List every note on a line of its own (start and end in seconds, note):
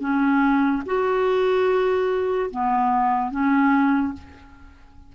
0.00 0.82 C#4
0.85 2.50 F#4
2.50 3.31 B3
3.31 4.13 C#4